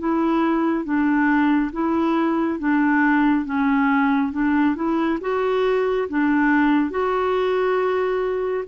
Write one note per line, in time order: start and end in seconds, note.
0.00 0.85 E4
0.85 1.72 D4
1.73 2.60 E4
2.60 3.46 D4
3.46 4.33 C#4
4.33 4.76 D4
4.76 5.19 E4
5.21 6.08 F#4
6.09 6.91 D4
6.91 8.65 F#4